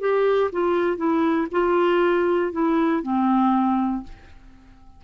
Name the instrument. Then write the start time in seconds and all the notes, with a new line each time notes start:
clarinet
0.00 G4
0.52 F4
0.97 E4
1.51 F4
2.52 E4
3.03 C4